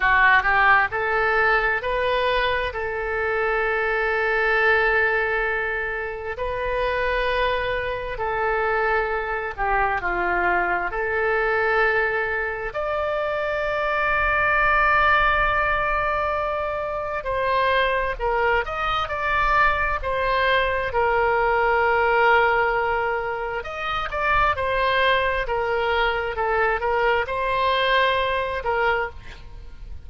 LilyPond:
\new Staff \with { instrumentName = "oboe" } { \time 4/4 \tempo 4 = 66 fis'8 g'8 a'4 b'4 a'4~ | a'2. b'4~ | b'4 a'4. g'8 f'4 | a'2 d''2~ |
d''2. c''4 | ais'8 dis''8 d''4 c''4 ais'4~ | ais'2 dis''8 d''8 c''4 | ais'4 a'8 ais'8 c''4. ais'8 | }